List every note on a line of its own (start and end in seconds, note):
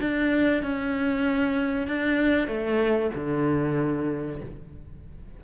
0.00 0.62 D4
0.62 1.87 C#4
1.87 2.47 D4
2.47 3.11 A3
3.14 4.41 D3